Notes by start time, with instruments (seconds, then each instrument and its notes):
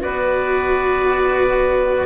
0.00 bassoon B3, cello F#4, clarinet B4, oboe D5